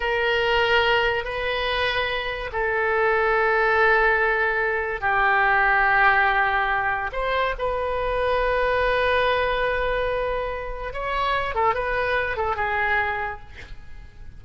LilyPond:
\new Staff \with { instrumentName = "oboe" } { \time 4/4 \tempo 4 = 143 ais'2. b'4~ | b'2 a'2~ | a'1 | g'1~ |
g'4 c''4 b'2~ | b'1~ | b'2 cis''4. a'8 | b'4. a'8 gis'2 | }